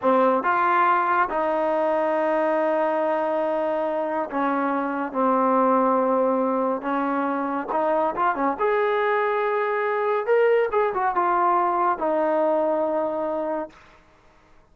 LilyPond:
\new Staff \with { instrumentName = "trombone" } { \time 4/4 \tempo 4 = 140 c'4 f'2 dis'4~ | dis'1~ | dis'2 cis'2 | c'1 |
cis'2 dis'4 f'8 cis'8 | gis'1 | ais'4 gis'8 fis'8 f'2 | dis'1 | }